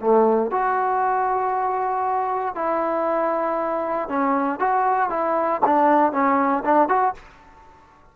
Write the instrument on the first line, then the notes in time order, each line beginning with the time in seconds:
trombone
0.00 A3
0.51 F#4
2.55 E4
4.09 C#4
4.59 F#4
5.10 E4
5.65 D4
6.12 C#4
6.65 D4
6.88 F#4